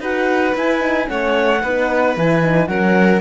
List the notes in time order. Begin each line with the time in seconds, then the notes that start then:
0.00 D#4 F#4 B4 F#5
0.55 E4 G#5
0.79 D#4
1.06 A3 C#4 C#5 F#5
1.61 B3 D#4 B4
2.17 E3 E4 G#5
2.42 D#4
2.67 F#3 C#4 A#4 F#5